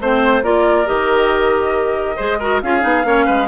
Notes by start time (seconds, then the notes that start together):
0.00 A3 C4 C5
0.42 A#3 F4 A#4 D5
0.85 D#3 G4 D#5
2.16 G#3 G#4 C5
2.39 F#4 A#4
2.62 C#4 F4 G#4 F5
2.81 B3 D#4
3.04 A#3 C#4 C#5
3.25 G#3 B4